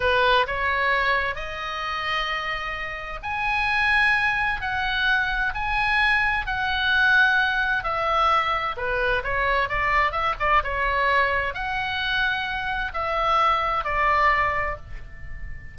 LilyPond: \new Staff \with { instrumentName = "oboe" } { \time 4/4 \tempo 4 = 130 b'4 cis''2 dis''4~ | dis''2. gis''4~ | gis''2 fis''2 | gis''2 fis''2~ |
fis''4 e''2 b'4 | cis''4 d''4 e''8 d''8 cis''4~ | cis''4 fis''2. | e''2 d''2 | }